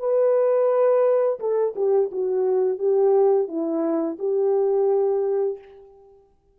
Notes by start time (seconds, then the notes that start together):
0.00 B4
1.40 A4
1.76 G4
2.12 F#4
2.79 G4
3.48 E4
4.20 G4